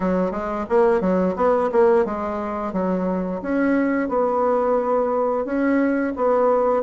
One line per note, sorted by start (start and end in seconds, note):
0.00 0.31 F#3
0.31 0.65 G#3
0.69 1.00 A#3
1.00 1.35 F#3
1.36 1.70 B3
1.72 2.05 A#3
2.05 2.73 G#3
2.73 3.41 F#3
3.42 4.08 C#4
4.08 5.45 B3
5.45 6.13 C#4
6.15 6.82 B3